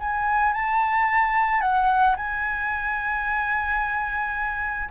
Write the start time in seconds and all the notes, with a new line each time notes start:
0.00 G#5
0.53 A5
1.61 F#5
2.16 G#5